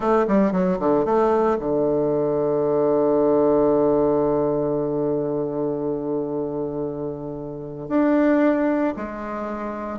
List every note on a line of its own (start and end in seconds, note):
0.00 0.25 A3
0.27 0.52 G3
0.52 0.78 F#3
0.79 1.05 D3
1.05 1.57 A3
1.59 7.88 D3
7.88 8.94 D4
8.96 9.98 G#3